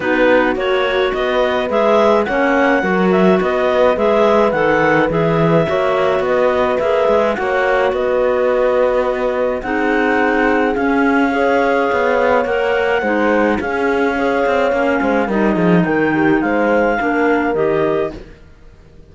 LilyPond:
<<
  \new Staff \with { instrumentName = "clarinet" } { \time 4/4 \tempo 4 = 106 b'4 cis''4 dis''4 e''4 | fis''4. e''8 dis''4 e''4 | fis''4 e''2 dis''4 | e''4 fis''4 dis''2~ |
dis''4 fis''2 f''4~ | f''2 fis''2 | f''2. dis''4 | g''4 f''2 dis''4 | }
  \new Staff \with { instrumentName = "horn" } { \time 4/4 fis'2 b'2 | cis''4 ais'4 b'2~ | b'2 cis''4 b'4~ | b'4 cis''4 b'2~ |
b'4 gis'2. | cis''2. c''4 | gis'4 cis''4. c''8 ais'8 gis'8 | ais'8 g'8 c''4 ais'2 | }
  \new Staff \with { instrumentName = "clarinet" } { \time 4/4 dis'4 fis'2 gis'4 | cis'4 fis'2 gis'4 | a'4 gis'4 fis'2 | gis'4 fis'2.~ |
fis'4 dis'2 cis'4 | gis'2 ais'4 dis'4 | cis'4 gis'4 cis'4 dis'4~ | dis'2 d'4 g'4 | }
  \new Staff \with { instrumentName = "cello" } { \time 4/4 b4 ais4 b4 gis4 | ais4 fis4 b4 gis4 | dis4 e4 ais4 b4 | ais8 gis8 ais4 b2~ |
b4 c'2 cis'4~ | cis'4 b4 ais4 gis4 | cis'4. c'8 ais8 gis8 g8 f8 | dis4 gis4 ais4 dis4 | }
>>